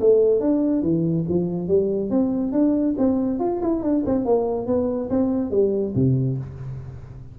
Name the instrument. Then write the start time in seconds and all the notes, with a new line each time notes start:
tuba
0.00 A3
0.40 D4
0.82 E3
1.29 F3
1.68 G3
2.10 C4
2.52 D4
2.97 C4
3.39 F4
3.62 E4
3.82 D4
4.05 C4
4.25 A#3
4.67 B3
5.10 C4
5.51 G3
5.95 C3